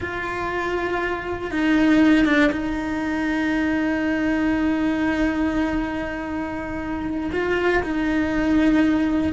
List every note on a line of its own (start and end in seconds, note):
0.00 1.51 F4
1.51 2.25 D#4
2.25 2.50 D4
2.51 7.30 D#4
7.32 7.82 F4
7.83 9.33 D#4